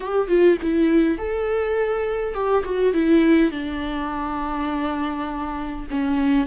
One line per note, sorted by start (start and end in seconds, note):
0.00 0.28 G4
0.28 0.57 F4
0.61 1.18 E4
1.18 2.34 A4
2.34 2.63 G4
2.64 2.93 F#4
2.93 3.51 E4
3.51 5.86 D4
5.90 6.46 C#4